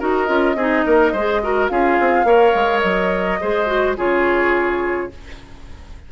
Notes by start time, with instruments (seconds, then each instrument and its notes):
0.00 bassoon D#4, clarinet F#4, oboe A#4, flute D#5
0.28 bassoon C#4, clarinet F4
0.56 bassoon C4, clarinet D#4, oboe G#4
0.87 bassoon A#3, oboe A#4
1.13 bassoon G#3, clarinet G#4, oboe C5
1.44 clarinet F#4, oboe A#4
1.68 bassoon C#4, clarinet F4, oboe G#4, flute F5
2.01 bassoon C4
2.24 bassoon A#3, clarinet A#4, oboe C#5
2.55 bassoon G#3
2.80 bassoon F#3, flute D#5
3.41 bassoon G#3, clarinet G#4, oboe C5
3.67 clarinet F#4
3.97 bassoon C#3, clarinet F4, oboe G#4, flute C#5